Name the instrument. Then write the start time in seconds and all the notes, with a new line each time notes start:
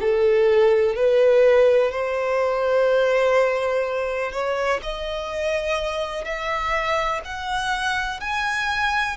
violin
0.00 A4
0.95 B4
1.91 C5
4.32 C#5
4.82 D#5
6.24 E5
7.24 F#5
8.20 G#5